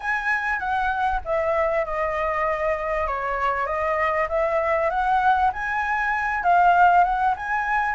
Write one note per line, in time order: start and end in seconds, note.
0.00 0.59 G#5
0.59 1.20 F#5
1.24 1.85 E5
1.85 3.07 D#5
3.07 3.66 C#5
3.66 4.27 D#5
4.29 4.90 E5
4.90 5.51 F#5
5.52 6.43 G#5
6.43 7.04 F5
7.04 7.34 F#5
7.36 7.95 G#5